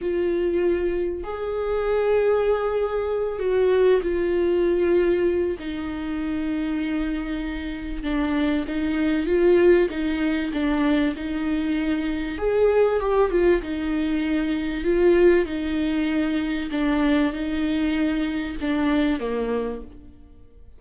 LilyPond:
\new Staff \with { instrumentName = "viola" } { \time 4/4 \tempo 4 = 97 f'2 gis'2~ | gis'4. fis'4 f'4.~ | f'4 dis'2.~ | dis'4 d'4 dis'4 f'4 |
dis'4 d'4 dis'2 | gis'4 g'8 f'8 dis'2 | f'4 dis'2 d'4 | dis'2 d'4 ais4 | }